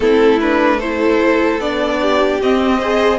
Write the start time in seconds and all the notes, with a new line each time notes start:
0.00 A3 C4 E4 A4
0.40 D4 B4
0.77 E4 A4 C5
1.58 B3 D4 D5
2.01 G4
2.42 C4 D#5
2.78 G#4 C5